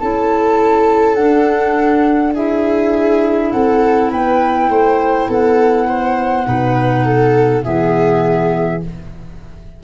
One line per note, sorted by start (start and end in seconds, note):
0.00 1.18 C#4
0.00 1.17 E4
0.00 2.35 A4
0.00 1.15 A5
1.15 2.34 D4
1.15 3.53 D4
1.15 2.33 F#5
2.35 6.46 E4
2.35 3.52 G#4
2.35 3.52 E5
3.52 4.12 C4
3.52 4.11 A4
3.52 4.11 F#5
4.11 4.70 B3
4.11 4.70 B4
4.11 5.30 G5
4.70 5.28 A3
4.70 5.28 C5
5.28 6.47 B3
5.28 5.87 A4
5.28 7.63 F#5
5.88 6.47 C5
6.46 7.66 B2
6.46 7.63 D#4
6.46 7.05 B4
7.05 7.64 A4
7.63 8.84 E3
7.63 8.81 B3
7.63 8.82 G#4
7.63 8.81 E5